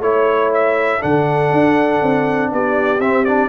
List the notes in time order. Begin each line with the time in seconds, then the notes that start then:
0.00 A3 E4 C#5
0.54 E5
1.00 D3 D4 A4 F#5
1.52 D4
2.02 C4
2.52 B3 G4 D5
2.99 C4 E5
3.25 D4 D5